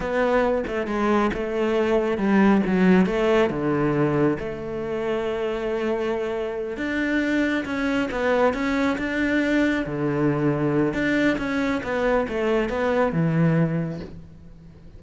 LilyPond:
\new Staff \with { instrumentName = "cello" } { \time 4/4 \tempo 4 = 137 b4. a8 gis4 a4~ | a4 g4 fis4 a4 | d2 a2~ | a2.~ a8 d'8~ |
d'4. cis'4 b4 cis'8~ | cis'8 d'2 d4.~ | d4 d'4 cis'4 b4 | a4 b4 e2 | }